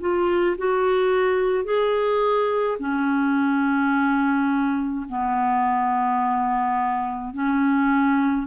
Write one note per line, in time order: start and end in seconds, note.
0.00 0.57 F4
0.58 1.65 F#4
1.65 2.78 G#4
2.79 5.06 C#4
5.09 7.34 B3
7.34 8.47 C#4